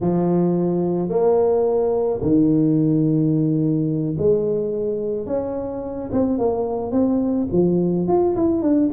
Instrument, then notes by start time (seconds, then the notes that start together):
tuba
0.00 F3
1.09 A#3
2.21 D#3
4.18 G#3
5.26 C#4
6.11 C4
6.38 A#3
6.91 C4
7.52 F3
8.07 F4
8.35 E4
8.61 D4